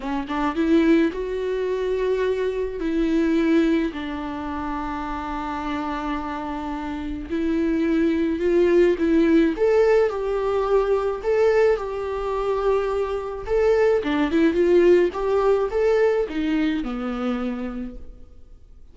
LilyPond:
\new Staff \with { instrumentName = "viola" } { \time 4/4 \tempo 4 = 107 cis'8 d'8 e'4 fis'2~ | fis'4 e'2 d'4~ | d'1~ | d'4 e'2 f'4 |
e'4 a'4 g'2 | a'4 g'2. | a'4 d'8 e'8 f'4 g'4 | a'4 dis'4 b2 | }